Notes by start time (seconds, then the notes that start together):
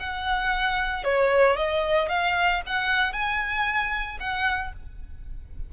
0.00 F#5
1.04 C#5
1.57 D#5
2.09 F5
2.67 F#5
3.13 G#5
4.20 F#5